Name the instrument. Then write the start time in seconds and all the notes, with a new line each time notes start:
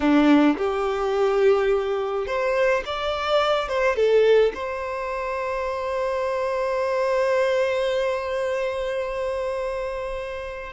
violin
0.00 D4
0.57 G4
2.26 C5
2.85 D5
3.68 C5
3.95 A4
4.54 C5